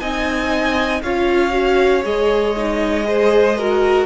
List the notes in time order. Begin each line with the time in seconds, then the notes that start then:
0.00 C4 D#4 D#5 G#5
1.03 C#4 F4 C#5 F5
1.51 F#4
2.04 G#3 G#4 D#5
2.57 D#4
3.04 G#4 C5
3.58 F#4 A#4